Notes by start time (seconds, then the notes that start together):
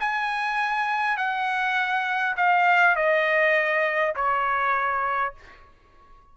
0.00 G#5
1.17 F#5
2.37 F5
2.96 D#5
4.16 C#5